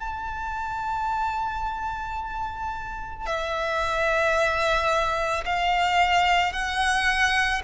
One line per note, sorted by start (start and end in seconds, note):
0.00 3.26 A5
3.26 5.44 E5
5.46 6.53 F5
6.53 7.62 F#5